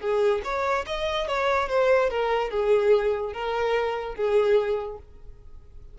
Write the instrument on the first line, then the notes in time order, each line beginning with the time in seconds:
violin
0.00 G#4
0.44 C#5
0.86 D#5
1.28 C#5
1.69 C5
2.10 A#4
2.50 G#4
3.33 A#4
4.15 G#4